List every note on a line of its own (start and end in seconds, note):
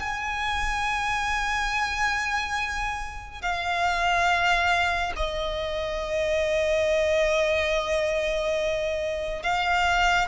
0.00 3.42 G#5
3.42 5.13 F5
5.16 9.43 D#5
9.43 10.28 F5